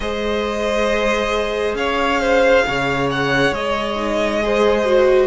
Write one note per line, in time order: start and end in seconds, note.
0.00 1.74 G#3
0.00 3.95 G#4
0.00 1.77 C5
0.00 1.74 D#5
1.74 2.62 C#4
1.74 2.20 C#5
1.74 3.09 F5
2.20 2.64 C5
2.66 3.51 C#3
2.66 4.43 C#5
3.10 3.53 F#5
3.51 5.27 G#3
3.51 5.27 D#5
3.95 4.39 D#4
4.42 4.85 G#4
4.42 5.27 C5
4.85 5.27 F#4